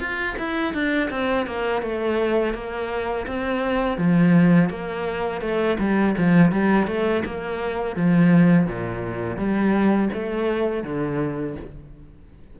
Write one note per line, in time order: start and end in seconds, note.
0.00 0.36 F4
0.39 0.74 E4
0.74 1.10 D4
1.11 1.47 C4
1.47 1.82 A#3
1.82 2.54 A3
2.54 3.27 A#3
3.27 3.98 C4
3.98 4.70 F3
4.70 5.42 A#3
5.42 5.78 A3
5.79 6.15 G3
6.18 6.52 F3
6.52 6.87 G3
6.87 7.24 A3
7.26 7.96 A#3
7.96 8.67 F3
8.67 9.37 A#2
9.37 10.10 G3
10.14 10.84 A3
10.84 11.56 D3